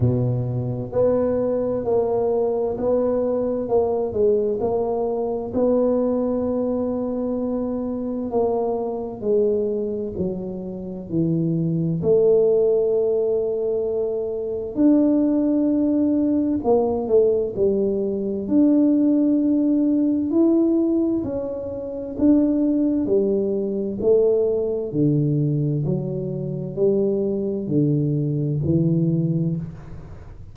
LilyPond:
\new Staff \with { instrumentName = "tuba" } { \time 4/4 \tempo 4 = 65 b,4 b4 ais4 b4 | ais8 gis8 ais4 b2~ | b4 ais4 gis4 fis4 | e4 a2. |
d'2 ais8 a8 g4 | d'2 e'4 cis'4 | d'4 g4 a4 d4 | fis4 g4 d4 e4 | }